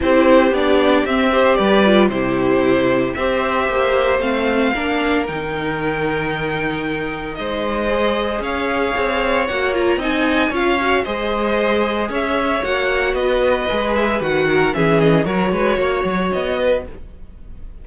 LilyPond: <<
  \new Staff \with { instrumentName = "violin" } { \time 4/4 \tempo 4 = 114 c''4 d''4 e''4 d''4 | c''2 e''2 | f''2 g''2~ | g''2 dis''2 |
f''2 fis''8 ais''8 gis''4 | f''4 dis''2 e''4 | fis''4 dis''4. e''8 fis''4 | e''8 dis''8 cis''2 dis''4 | }
  \new Staff \with { instrumentName = "violin" } { \time 4/4 g'2~ g'8 c''8 b'4 | g'2 c''2~ | c''4 ais'2.~ | ais'2 c''2 |
cis''2. dis''4 | cis''4 c''2 cis''4~ | cis''4 b'2~ b'8 ais'8 | gis'4 ais'8 b'8 cis''4. b'8 | }
  \new Staff \with { instrumentName = "viola" } { \time 4/4 e'4 d'4 c'8 g'4 f'8 | e'2 g'2 | c'4 d'4 dis'2~ | dis'2. gis'4~ |
gis'2 fis'8 f'8 dis'4 | f'8 fis'8 gis'2. | fis'2 gis'4 fis'4 | cis'4 fis'2. | }
  \new Staff \with { instrumentName = "cello" } { \time 4/4 c'4 b4 c'4 g4 | c2 c'4 ais4 | a4 ais4 dis2~ | dis2 gis2 |
cis'4 c'4 ais4 c'4 | cis'4 gis2 cis'4 | ais4 b4 gis4 dis4 | e4 fis8 gis8 ais8 fis8 b4 | }
>>